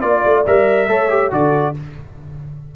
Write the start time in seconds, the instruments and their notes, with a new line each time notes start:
0.00 tuba A#3, trombone F4, trumpet D5, horn D5
0.24 tuba A3
0.46 tuba G3, trombone A#4, trumpet E5
0.87 tuba A3, trombone A4, horn C#5
1.09 trombone G4
1.30 tuba D3, trombone F#4, horn A4, trumpet D5